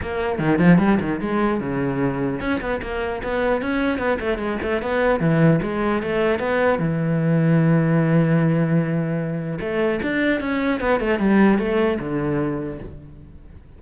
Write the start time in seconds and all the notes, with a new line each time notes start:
0.02 A#3
0.38 D#3
0.59 F3
0.78 G3
1.01 D#3
1.20 G#3
1.60 C#3
2.40 C#4
2.61 B3
2.82 A#3
3.23 B3
3.61 C#4
3.98 B3
4.19 A3
4.38 G#3
4.62 A3
4.81 B3
5.20 E3
5.62 G#3
6.02 A3
6.39 B3
6.79 E3
9.60 A3
10.02 D4
10.40 C#4
10.80 B3
11.00 A3
11.19 G3
11.58 A3
11.99 D3